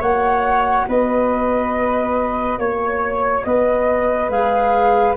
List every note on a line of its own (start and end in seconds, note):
0.00 0.87 A#3
0.00 4.30 F#4
0.00 0.86 C#5
0.00 0.88 F#5
0.88 2.59 B3
0.88 2.60 B4
0.88 2.60 D#5
2.59 3.45 A#3
2.59 3.46 C#5
2.59 3.45 C#5
3.45 4.30 B3
3.45 5.17 B4
3.45 4.30 D#5
4.30 5.15 G#3
4.30 5.16 G#4
4.30 5.16 F5